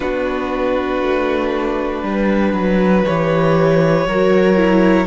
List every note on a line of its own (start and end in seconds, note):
0.00 1.01 B3
0.00 3.04 D4
0.00 2.03 F#4
0.00 3.04 B4
1.01 2.02 A3
2.02 2.53 G3
2.02 4.07 B4
2.53 3.04 F#3
3.04 4.06 E3
3.04 4.08 G4
3.04 5.07 C#5
4.06 5.07 F#3
4.06 4.57 F#4
4.06 5.07 A#4
4.57 5.07 E4